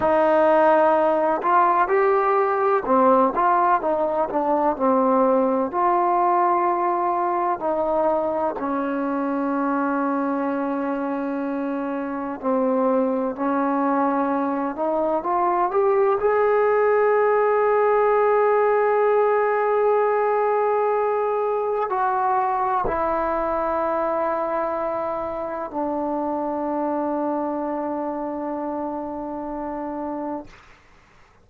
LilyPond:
\new Staff \with { instrumentName = "trombone" } { \time 4/4 \tempo 4 = 63 dis'4. f'8 g'4 c'8 f'8 | dis'8 d'8 c'4 f'2 | dis'4 cis'2.~ | cis'4 c'4 cis'4. dis'8 |
f'8 g'8 gis'2.~ | gis'2. fis'4 | e'2. d'4~ | d'1 | }